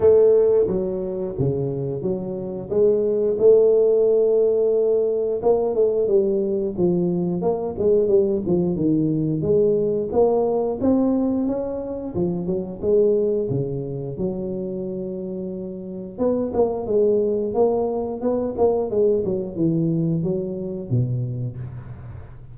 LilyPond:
\new Staff \with { instrumentName = "tuba" } { \time 4/4 \tempo 4 = 89 a4 fis4 cis4 fis4 | gis4 a2. | ais8 a8 g4 f4 ais8 gis8 | g8 f8 dis4 gis4 ais4 |
c'4 cis'4 f8 fis8 gis4 | cis4 fis2. | b8 ais8 gis4 ais4 b8 ais8 | gis8 fis8 e4 fis4 b,4 | }